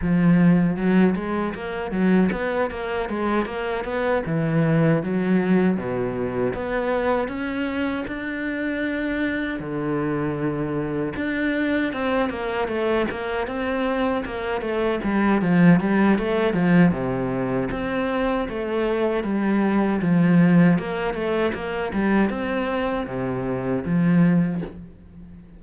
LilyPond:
\new Staff \with { instrumentName = "cello" } { \time 4/4 \tempo 4 = 78 f4 fis8 gis8 ais8 fis8 b8 ais8 | gis8 ais8 b8 e4 fis4 b,8~ | b,8 b4 cis'4 d'4.~ | d'8 d2 d'4 c'8 |
ais8 a8 ais8 c'4 ais8 a8 g8 | f8 g8 a8 f8 c4 c'4 | a4 g4 f4 ais8 a8 | ais8 g8 c'4 c4 f4 | }